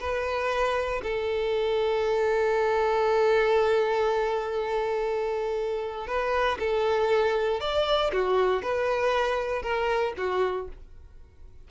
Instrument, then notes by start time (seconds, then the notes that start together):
violin
0.00 B4
1.03 A4
6.07 B4
6.59 A4
7.60 D5
8.13 F#4
8.63 B4
9.62 A#4
10.17 F#4